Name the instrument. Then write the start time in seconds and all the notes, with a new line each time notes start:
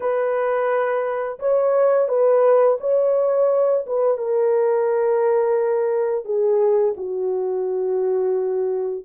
horn
0.00 B4
1.39 C#5
2.08 B4
2.80 C#5
3.86 B4
4.17 A#4
6.24 G#4
6.96 F#4